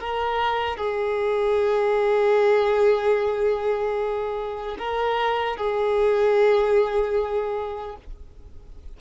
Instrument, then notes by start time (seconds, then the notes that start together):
violin
0.00 A#4
0.77 G#4
4.79 A#4
5.57 G#4